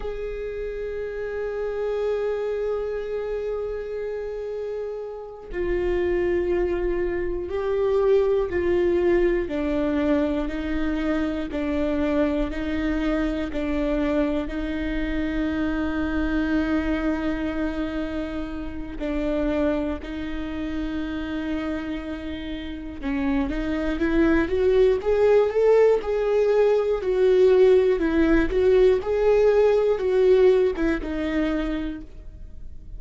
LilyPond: \new Staff \with { instrumentName = "viola" } { \time 4/4 \tempo 4 = 60 gis'1~ | gis'4. f'2 g'8~ | g'8 f'4 d'4 dis'4 d'8~ | d'8 dis'4 d'4 dis'4.~ |
dis'2. d'4 | dis'2. cis'8 dis'8 | e'8 fis'8 gis'8 a'8 gis'4 fis'4 | e'8 fis'8 gis'4 fis'8. e'16 dis'4 | }